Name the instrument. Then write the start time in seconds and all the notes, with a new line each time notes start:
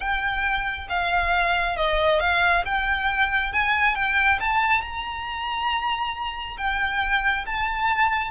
violin
0.00 G5
0.89 F5
1.76 D#5
2.20 F5
2.65 G5
3.53 G#5
3.95 G5
4.40 A5
4.81 A#5
6.57 G5
7.46 A5